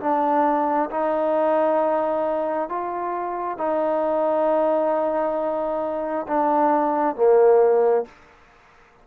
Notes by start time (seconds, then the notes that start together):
0.00 D4
0.90 D#4
2.69 F4
3.57 D#4
6.27 D4
7.16 A#3